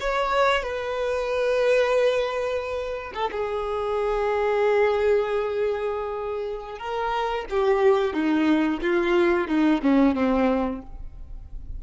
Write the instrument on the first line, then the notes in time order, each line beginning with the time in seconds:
violin
0.00 C#5
0.62 B4
3.14 A4
3.31 G#4
6.78 A#4
7.49 G4
8.13 D#4
8.82 F4
9.47 D#4
9.82 C#4
10.15 C4